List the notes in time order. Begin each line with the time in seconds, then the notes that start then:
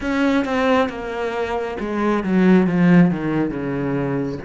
0.00 C#4
0.45 C4
0.89 A#3
1.79 G#3
2.23 F#3
2.66 F3
3.10 D#3
3.50 C#3